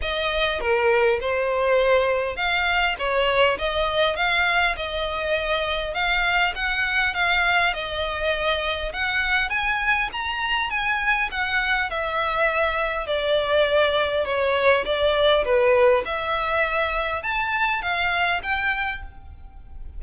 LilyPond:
\new Staff \with { instrumentName = "violin" } { \time 4/4 \tempo 4 = 101 dis''4 ais'4 c''2 | f''4 cis''4 dis''4 f''4 | dis''2 f''4 fis''4 | f''4 dis''2 fis''4 |
gis''4 ais''4 gis''4 fis''4 | e''2 d''2 | cis''4 d''4 b'4 e''4~ | e''4 a''4 f''4 g''4 | }